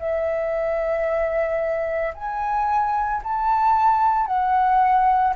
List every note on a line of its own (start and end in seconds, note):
0.00 2.14 E5
2.15 3.22 G#5
3.24 4.27 A5
4.27 5.34 F#5